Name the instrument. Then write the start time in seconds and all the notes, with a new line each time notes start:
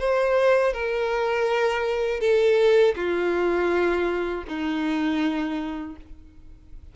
violin
0.00 C5
0.73 A#4
2.21 A4
2.96 F4
4.48 D#4